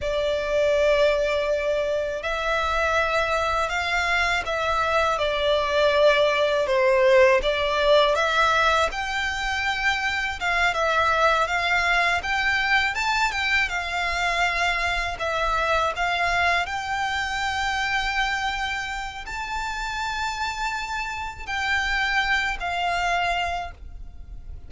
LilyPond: \new Staff \with { instrumentName = "violin" } { \time 4/4 \tempo 4 = 81 d''2. e''4~ | e''4 f''4 e''4 d''4~ | d''4 c''4 d''4 e''4 | g''2 f''8 e''4 f''8~ |
f''8 g''4 a''8 g''8 f''4.~ | f''8 e''4 f''4 g''4.~ | g''2 a''2~ | a''4 g''4. f''4. | }